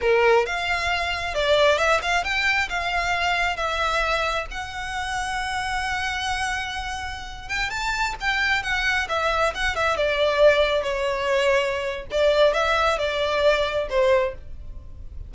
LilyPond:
\new Staff \with { instrumentName = "violin" } { \time 4/4 \tempo 4 = 134 ais'4 f''2 d''4 | e''8 f''8 g''4 f''2 | e''2 fis''2~ | fis''1~ |
fis''8. g''8 a''4 g''4 fis''8.~ | fis''16 e''4 fis''8 e''8 d''4.~ d''16~ | d''16 cis''2~ cis''8. d''4 | e''4 d''2 c''4 | }